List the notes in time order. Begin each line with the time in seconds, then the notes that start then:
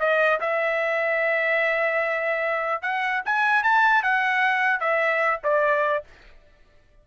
0.00 D#5
0.41 E5
2.82 F#5
3.26 G#5
3.64 A5
4.03 F#5
4.80 E5
5.44 D5